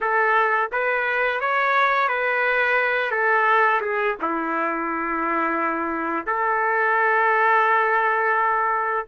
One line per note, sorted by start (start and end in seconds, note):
0.00 0.70 A4
0.72 1.40 B4
1.40 2.08 C#5
2.08 3.11 B4
3.11 3.81 A4
3.81 4.16 G#4
4.21 6.26 E4
6.26 9.05 A4